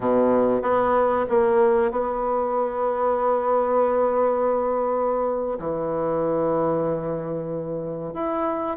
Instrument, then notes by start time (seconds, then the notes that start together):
bassoon
0.00 B2
0.62 B3
1.29 A#3
1.91 B3
5.59 E3
8.13 E4